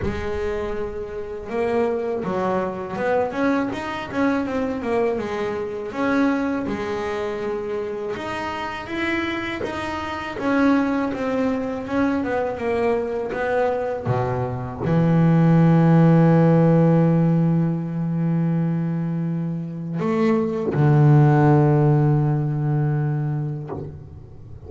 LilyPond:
\new Staff \with { instrumentName = "double bass" } { \time 4/4 \tempo 4 = 81 gis2 ais4 fis4 | b8 cis'8 dis'8 cis'8 c'8 ais8 gis4 | cis'4 gis2 dis'4 | e'4 dis'4 cis'4 c'4 |
cis'8 b8 ais4 b4 b,4 | e1~ | e2. a4 | d1 | }